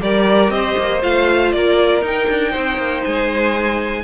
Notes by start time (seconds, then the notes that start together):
0.00 G3 G4 A#4 D5
0.49 C4 C5 D#5
0.78 A#3
1.01 A3 F4 F5
1.52 A#3 A#4 D5
2.01 D#4 G5
2.29 D4
2.51 C4 C5
2.77 A#3
3.04 G#3 G#5